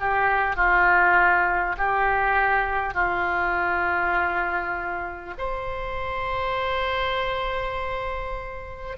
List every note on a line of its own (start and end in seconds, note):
0.00 0.56 G4
0.56 1.76 F4
1.78 2.95 G4
2.95 5.35 F4
5.38 8.98 C5